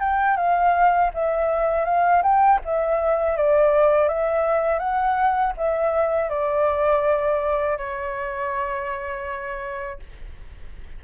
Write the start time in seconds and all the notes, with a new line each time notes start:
0.00 G5
0.37 F5
1.14 E5
1.85 F5
2.23 G5
2.65 E5
3.37 D5
4.08 E5
4.79 F#5
5.57 E5
6.30 D5
7.77 C#5